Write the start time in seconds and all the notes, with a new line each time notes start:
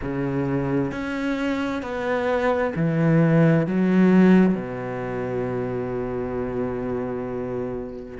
0.02 C#3
0.91 C#4
1.82 B3
2.75 E3
3.67 F#3
4.55 B2